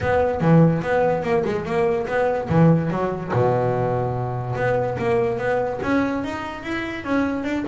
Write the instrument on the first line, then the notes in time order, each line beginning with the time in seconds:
double bass
0.00 B3
0.40 E3
0.82 B3
1.23 A#3
1.44 G#3
1.65 A#3
2.07 B3
2.49 E3
2.90 F#3
3.33 B2
4.55 B3
4.98 A#3
5.38 B3
5.82 C#4
6.24 D#4
6.63 E4
7.04 C#4
7.44 D4